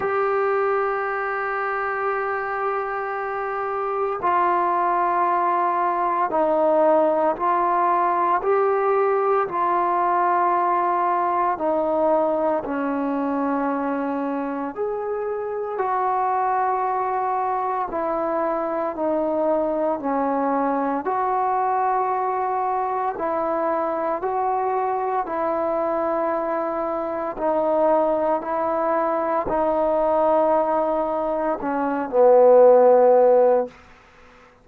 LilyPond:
\new Staff \with { instrumentName = "trombone" } { \time 4/4 \tempo 4 = 57 g'1 | f'2 dis'4 f'4 | g'4 f'2 dis'4 | cis'2 gis'4 fis'4~ |
fis'4 e'4 dis'4 cis'4 | fis'2 e'4 fis'4 | e'2 dis'4 e'4 | dis'2 cis'8 b4. | }